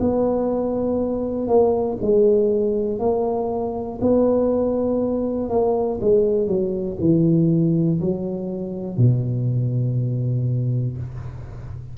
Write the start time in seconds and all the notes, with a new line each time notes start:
0.00 B3
1.48 A#3
2.01 G#3
2.99 A#3
4.01 B3
5.49 A#3
6.00 G#3
6.47 F#3
7.00 E3
8.00 F#3
8.97 B2